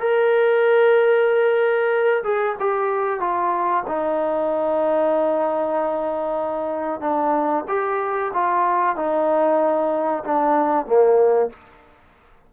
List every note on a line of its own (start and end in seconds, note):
0.00 2.23 A#4
2.24 2.56 G#4
2.60 3.20 G4
3.20 3.84 F4
3.88 7.01 D#4
7.01 7.65 D4
7.68 8.32 G4
8.34 8.96 F4
8.96 10.24 D#4
10.24 10.86 D4
10.86 11.50 A#3